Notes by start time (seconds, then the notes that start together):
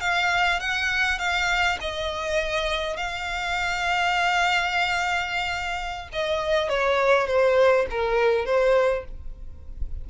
0.00 F5
0.59 F#5
1.19 F5
1.81 D#5
2.96 F5
6.12 D#5
6.69 C#5
7.27 C5
7.90 A#4
8.45 C5